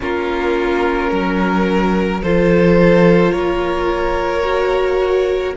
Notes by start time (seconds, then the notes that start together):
0.00 A#3 C#4 F4 A#4
1.10 F#3 A#4
2.22 F3 F4 A4 C5
3.31 A#3 A#4 C#5
4.43 F#4